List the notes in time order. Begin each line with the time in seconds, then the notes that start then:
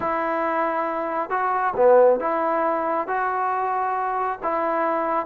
0.00 E4
1.30 F#4
1.76 B3
2.20 E4
3.07 F#4
4.42 E4